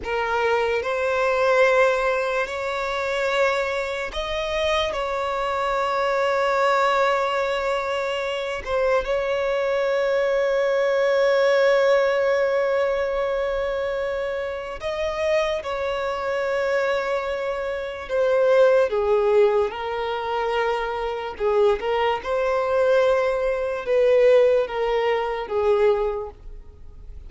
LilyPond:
\new Staff \with { instrumentName = "violin" } { \time 4/4 \tempo 4 = 73 ais'4 c''2 cis''4~ | cis''4 dis''4 cis''2~ | cis''2~ cis''8 c''8 cis''4~ | cis''1~ |
cis''2 dis''4 cis''4~ | cis''2 c''4 gis'4 | ais'2 gis'8 ais'8 c''4~ | c''4 b'4 ais'4 gis'4 | }